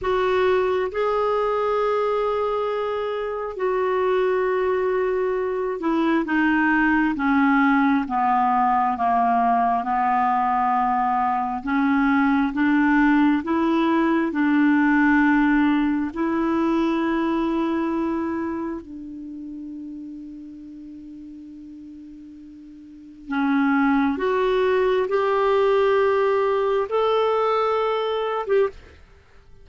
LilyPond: \new Staff \with { instrumentName = "clarinet" } { \time 4/4 \tempo 4 = 67 fis'4 gis'2. | fis'2~ fis'8 e'8 dis'4 | cis'4 b4 ais4 b4~ | b4 cis'4 d'4 e'4 |
d'2 e'2~ | e'4 d'2.~ | d'2 cis'4 fis'4 | g'2 a'4.~ a'16 g'16 | }